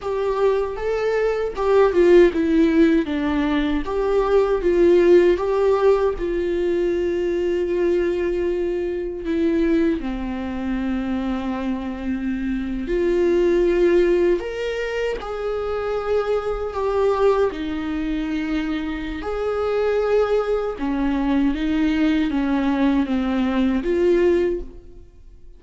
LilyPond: \new Staff \with { instrumentName = "viola" } { \time 4/4 \tempo 4 = 78 g'4 a'4 g'8 f'8 e'4 | d'4 g'4 f'4 g'4 | f'1 | e'4 c'2.~ |
c'8. f'2 ais'4 gis'16~ | gis'4.~ gis'16 g'4 dis'4~ dis'16~ | dis'4 gis'2 cis'4 | dis'4 cis'4 c'4 f'4 | }